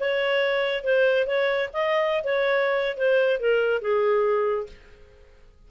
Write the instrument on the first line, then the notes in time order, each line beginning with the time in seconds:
clarinet
0.00 C#5
0.84 C5
1.27 C#5
1.73 D#5
2.24 C#5
2.97 C5
3.40 A#4
3.82 G#4